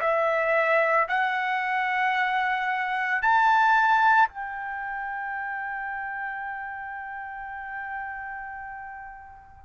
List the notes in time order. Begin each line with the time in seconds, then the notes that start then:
0.00 E5
1.08 F#5
3.22 A5
4.29 G5